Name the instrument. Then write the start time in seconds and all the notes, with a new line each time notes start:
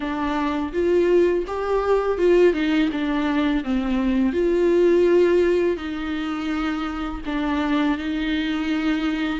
viola
0.00 D4
0.72 F4
1.47 G4
2.18 F4
2.53 D#4
2.91 D4
3.63 C4
4.32 F4
5.76 D#4
7.25 D4
7.97 D#4